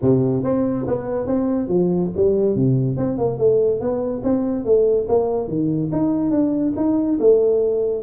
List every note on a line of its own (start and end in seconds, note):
0.01 0.43 C3
0.43 0.86 C4
0.87 1.26 B3
1.26 1.68 C4
1.68 2.10 F3
2.16 2.55 G3
2.55 2.96 C3
2.96 3.17 C4
3.18 3.38 A#3
3.38 3.80 A3
3.80 4.22 B3
4.23 4.64 C4
4.64 5.07 A3
5.08 5.48 A#3
5.48 5.90 D#3
5.92 6.31 D#4
6.31 6.73 D4
6.76 7.18 D#4
7.19 8.02 A3